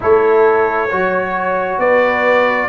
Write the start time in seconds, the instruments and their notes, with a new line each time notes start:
0.00 tuba A3, trombone E4, horn A4, trumpet C#5
0.89 tuba F#3, trombone F#4, horn C#5
1.78 tuba B3, horn B4, trumpet D5